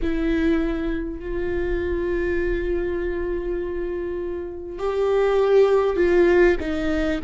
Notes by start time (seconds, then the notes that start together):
0.02 E4
1.19 F4
4.78 G4
5.96 F4
6.60 D#4